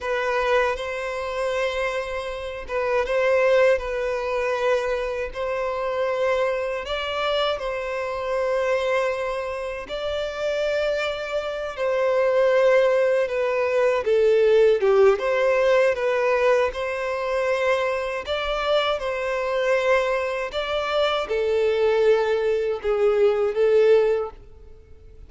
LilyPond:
\new Staff \with { instrumentName = "violin" } { \time 4/4 \tempo 4 = 79 b'4 c''2~ c''8 b'8 | c''4 b'2 c''4~ | c''4 d''4 c''2~ | c''4 d''2~ d''8 c''8~ |
c''4. b'4 a'4 g'8 | c''4 b'4 c''2 | d''4 c''2 d''4 | a'2 gis'4 a'4 | }